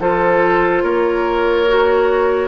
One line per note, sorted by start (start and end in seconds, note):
0.00 0.83 F3
0.00 1.67 F4
0.00 0.83 A4
0.00 0.83 C5
0.83 2.48 A#3
0.83 2.48 A#4
0.83 2.48 C#5
1.68 2.48 F#4